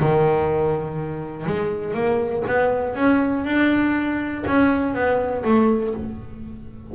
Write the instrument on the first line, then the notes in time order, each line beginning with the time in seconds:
double bass
0.00 D#3
1.47 G#3
1.94 A#3
2.47 B3
2.95 C#4
3.45 D4
4.47 C#4
4.94 B3
5.45 A3